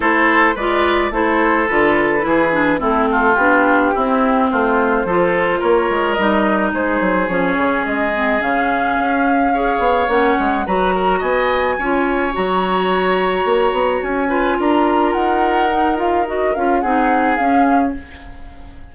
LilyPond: <<
  \new Staff \with { instrumentName = "flute" } { \time 4/4 \tempo 4 = 107 c''4 d''4 c''4 b'4~ | b'4 a'4 g'2 | c''2 cis''4 dis''4 | c''4 cis''4 dis''4 f''4~ |
f''2 fis''4 ais''4 | gis''2 ais''2~ | ais''4 gis''4 ais''4 fis''4~ | fis''8 f''8 dis''8 f''8 fis''4 f''4 | }
  \new Staff \with { instrumentName = "oboe" } { \time 4/4 a'4 b'4 a'2 | gis'4 e'8 f'4. e'4 | f'4 a'4 ais'2 | gis'1~ |
gis'4 cis''2 b'8 ais'8 | dis''4 cis''2.~ | cis''4. b'8 ais'2~ | ais'2 gis'2 | }
  \new Staff \with { instrumentName = "clarinet" } { \time 4/4 e'4 f'4 e'4 f'4 | e'8 d'8 c'4 d'4 c'4~ | c'4 f'2 dis'4~ | dis'4 cis'4. c'8 cis'4~ |
cis'4 gis'4 cis'4 fis'4~ | fis'4 f'4 fis'2~ | fis'4. f'2~ f'8 | dis'8 f'8 fis'8 f'8 dis'4 cis'4 | }
  \new Staff \with { instrumentName = "bassoon" } { \time 4/4 a4 gis4 a4 d4 | e4 a4 b4 c'4 | a4 f4 ais8 gis8 g4 | gis8 fis8 f8 cis8 gis4 cis4 |
cis'4. b8 ais8 gis8 fis4 | b4 cis'4 fis2 | ais8 b8 cis'4 d'4 dis'4~ | dis'4. cis'8 c'4 cis'4 | }
>>